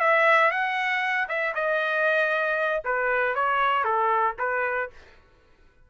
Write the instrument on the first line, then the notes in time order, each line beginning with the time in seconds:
trumpet
0.00 E5
0.51 F#5
1.29 E5
1.55 D#5
2.85 B4
3.35 C#5
3.84 A4
4.39 B4